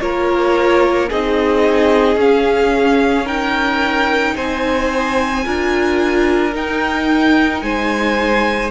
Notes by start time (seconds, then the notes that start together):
0.00 A#3 F4 A#4 C#5
1.09 C4 D#4 G#4 D#5
2.15 C#4 F5
3.25 D#4 A#4 G5
4.35 C4 C5 G#5
5.44 D4 F4 A#4
6.52 D#4 G5
7.62 G#3 C5 G#5